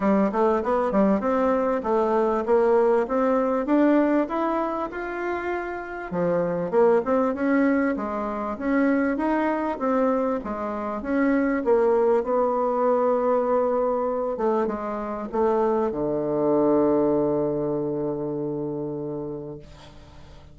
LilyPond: \new Staff \with { instrumentName = "bassoon" } { \time 4/4 \tempo 4 = 98 g8 a8 b8 g8 c'4 a4 | ais4 c'4 d'4 e'4 | f'2 f4 ais8 c'8 | cis'4 gis4 cis'4 dis'4 |
c'4 gis4 cis'4 ais4 | b2.~ b8 a8 | gis4 a4 d2~ | d1 | }